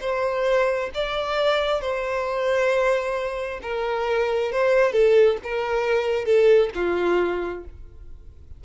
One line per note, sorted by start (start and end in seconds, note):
0.00 0.90 C5
0.94 1.81 D5
1.81 3.60 C5
3.62 4.51 A#4
4.52 4.92 C5
4.92 5.37 A4
5.43 6.25 A#4
6.25 6.70 A4
6.74 7.64 F4